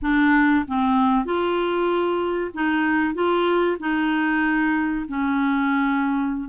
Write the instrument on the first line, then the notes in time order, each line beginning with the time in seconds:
clarinet
0.01 D4
0.67 C4
1.25 F4
2.53 D#4
3.14 F4
3.79 D#4
5.08 C#4